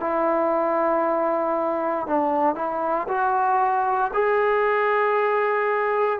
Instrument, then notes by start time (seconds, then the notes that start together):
trombone
0.00 E4
2.07 D4
2.55 E4
3.08 F#4
4.14 G#4